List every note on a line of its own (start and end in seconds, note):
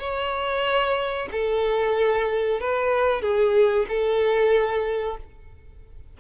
0.00 1.29 C#5
1.32 2.61 A4
2.61 3.22 B4
3.22 3.87 G#4
3.89 5.18 A4